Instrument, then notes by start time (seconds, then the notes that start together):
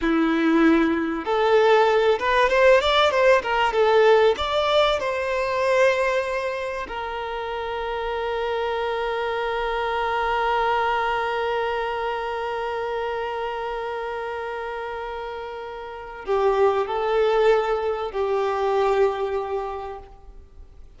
violin
0.01 E4
1.24 A4
2.19 B4
2.49 C5
2.80 D5
3.10 C5
3.42 A#4
3.72 A4
4.37 D5
4.99 C5
6.88 A#4
16.25 G4
16.86 A4
18.11 G4